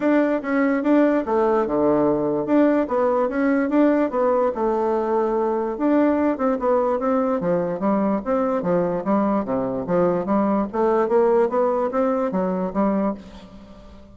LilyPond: \new Staff \with { instrumentName = "bassoon" } { \time 4/4 \tempo 4 = 146 d'4 cis'4 d'4 a4 | d2 d'4 b4 | cis'4 d'4 b4 a4~ | a2 d'4. c'8 |
b4 c'4 f4 g4 | c'4 f4 g4 c4 | f4 g4 a4 ais4 | b4 c'4 fis4 g4 | }